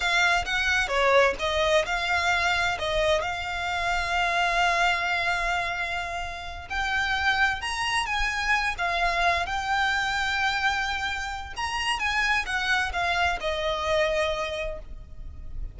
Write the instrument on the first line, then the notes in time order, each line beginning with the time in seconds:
violin
0.00 F5
0.45 F#5
0.88 C#5
1.39 D#5
1.85 F5
2.78 D#5
3.21 F5
6.69 G5
7.61 A#5
8.06 G#5
8.78 F5
9.46 G5
11.56 A#5
11.99 G#5
12.46 F#5
12.92 F5
13.40 D#5